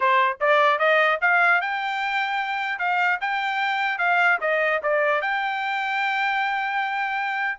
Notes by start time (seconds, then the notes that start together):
0.00 C5
0.40 D5
0.78 D#5
1.21 F5
1.61 G5
2.79 F5
3.20 G5
3.98 F5
4.40 D#5
4.82 D5
5.21 G5